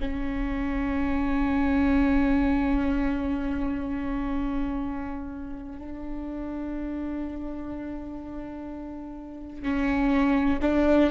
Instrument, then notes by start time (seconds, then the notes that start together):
viola
0.00 C#4
5.78 D4
9.62 C#4
10.62 D4